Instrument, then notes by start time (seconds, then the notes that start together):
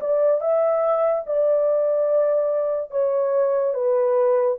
horn
0.00 D5
0.40 E5
1.26 D5
2.90 C#5
3.74 B4